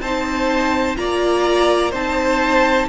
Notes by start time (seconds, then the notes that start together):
0.00 C4 D#4 C5 A5
0.96 A#3 F4 D5 A#5
1.90 C4 D#4 C5 A5